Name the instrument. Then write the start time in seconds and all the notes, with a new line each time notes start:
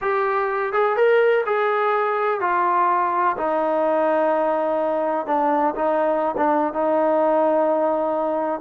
trombone
0.01 G4
0.72 G#4
0.96 A#4
1.46 G#4
2.40 F4
3.37 D#4
5.26 D4
5.75 D#4
6.37 D4
6.73 D#4